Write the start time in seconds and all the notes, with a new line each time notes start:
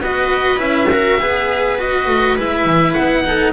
0.00 B3 F#4 B4 D#5
0.57 C#4 E4 E5
0.91 F#4 A#4
1.20 B3 G#4 B4
1.78 F#4 D#5
2.07 A3
2.37 G#3 E4 E5
2.65 E3
2.93 B3 F#5
3.24 D#4 A4